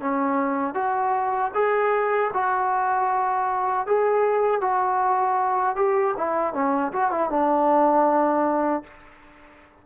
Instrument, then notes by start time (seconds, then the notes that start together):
trombone
0.00 C#4
0.74 F#4
1.54 G#4
2.33 F#4
3.86 G#4
4.60 F#4
5.76 G4
6.17 E4
6.53 C#4
6.92 F#4
7.11 E4
7.29 D4